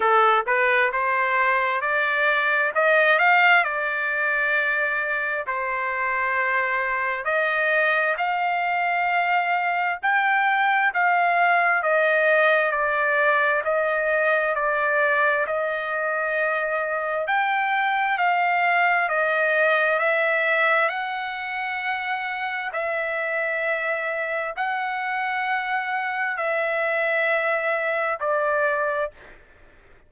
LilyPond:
\new Staff \with { instrumentName = "trumpet" } { \time 4/4 \tempo 4 = 66 a'8 b'8 c''4 d''4 dis''8 f''8 | d''2 c''2 | dis''4 f''2 g''4 | f''4 dis''4 d''4 dis''4 |
d''4 dis''2 g''4 | f''4 dis''4 e''4 fis''4~ | fis''4 e''2 fis''4~ | fis''4 e''2 d''4 | }